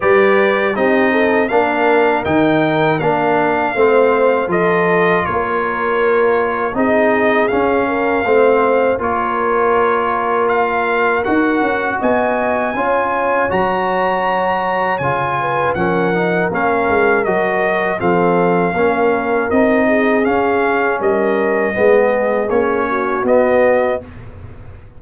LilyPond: <<
  \new Staff \with { instrumentName = "trumpet" } { \time 4/4 \tempo 4 = 80 d''4 dis''4 f''4 g''4 | f''2 dis''4 cis''4~ | cis''4 dis''4 f''2 | cis''2 f''4 fis''4 |
gis''2 ais''2 | gis''4 fis''4 f''4 dis''4 | f''2 dis''4 f''4 | dis''2 cis''4 dis''4 | }
  \new Staff \with { instrumentName = "horn" } { \time 4/4 b'4 g'8 a'8 ais'2~ | ais'4 c''4 a'4 ais'4~ | ais'4 gis'4. ais'8 c''4 | ais'1 |
dis''4 cis''2.~ | cis''8 b'8 ais'2. | a'4 ais'4. gis'4. | ais'4 gis'4. fis'4. | }
  \new Staff \with { instrumentName = "trombone" } { \time 4/4 g'4 dis'4 d'4 dis'4 | d'4 c'4 f'2~ | f'4 dis'4 cis'4 c'4 | f'2. fis'4~ |
fis'4 f'4 fis'2 | f'4 cis'8 dis'8 cis'4 fis'4 | c'4 cis'4 dis'4 cis'4~ | cis'4 b4 cis'4 b4 | }
  \new Staff \with { instrumentName = "tuba" } { \time 4/4 g4 c'4 ais4 dis4 | ais4 a4 f4 ais4~ | ais4 c'4 cis'4 a4 | ais2. dis'8 cis'8 |
b4 cis'4 fis2 | cis4 f4 ais8 gis8 fis4 | f4 ais4 c'4 cis'4 | g4 gis4 ais4 b4 | }
>>